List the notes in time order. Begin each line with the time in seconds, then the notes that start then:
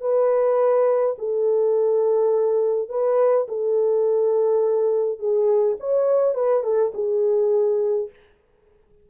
0.00 B4
1.18 A4
2.89 B4
3.48 A4
5.19 G#4
5.80 C#5
6.35 B4
6.63 A4
6.94 G#4